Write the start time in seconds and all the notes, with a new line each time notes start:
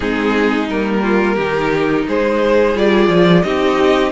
0.00 G#3 C4 D#4 G#4
0.69 G3 A#3 A#4
1.02 F4
1.34 D#3 D#4 G4
2.07 G#3 G#4 C5
2.75 G3 F4 D5
3.08 F3
3.42 C4 D#4 G4 D#5